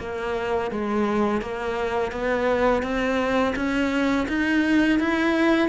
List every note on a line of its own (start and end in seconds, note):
0.00 0.71 A#3
0.72 1.42 G#3
1.42 2.12 A#3
2.12 2.83 B3
2.83 3.55 C4
3.56 4.28 C#4
4.29 5.00 D#4
5.00 5.69 E4